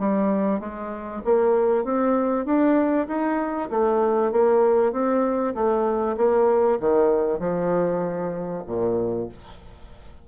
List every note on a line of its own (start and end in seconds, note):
0.00 0.60 G3
0.60 1.22 G#3
1.25 1.85 A#3
1.85 2.46 C4
2.46 3.08 D4
3.08 3.70 D#4
3.71 4.32 A3
4.32 4.93 A#3
4.93 5.55 C4
5.55 6.17 A3
6.17 6.79 A#3
6.80 7.40 D#3
7.40 8.64 F3
8.67 9.29 A#2